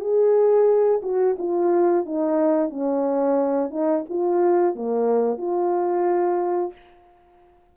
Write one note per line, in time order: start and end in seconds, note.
0.00 1.01 G#4
1.03 1.37 F#4
1.39 2.06 F4
2.06 2.70 D#4
2.70 3.70 C#4
3.70 4.04 D#4
4.09 4.76 F4
4.76 5.38 A#3
5.38 6.73 F4